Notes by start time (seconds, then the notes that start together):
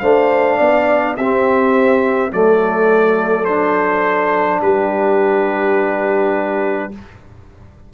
0.00 A3 D4 C5 F5
0.58 B3 D5
1.17 C4 G4 E5
2.31 F#3 A3 A4 D5
3.45 D4 C5
4.62 G3 G4 B4